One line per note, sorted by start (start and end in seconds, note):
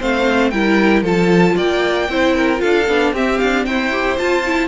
0.00 0.53 A3
0.00 0.52 C4
0.00 0.52 C5
0.00 0.51 F5
0.51 1.03 G3
0.51 1.05 E4
0.51 1.03 A#4
0.51 1.03 G5
1.03 1.55 F3
1.03 2.09 F4
1.03 1.55 A4
1.03 1.58 A5
1.57 2.09 A#3
1.57 2.09 D5
1.57 2.61 G5
2.09 2.61 C4
2.09 2.58 E4
2.09 2.36 C5
2.36 2.62 A#4
2.58 2.84 F4
2.58 3.14 A4
2.58 3.13 F5
2.64 2.89 D4
2.89 3.13 B3
2.89 3.15 D4
3.13 3.39 C4
3.13 3.92 C4
3.13 3.66 G4
3.13 3.40 E5
3.40 3.68 D4
3.40 3.65 F5
3.65 4.20 E4
3.65 4.68 C5
3.65 4.18 G5
3.92 4.18 G4
4.18 4.44 F4
4.18 4.68 F4
4.18 4.68 A5
4.45 4.68 E4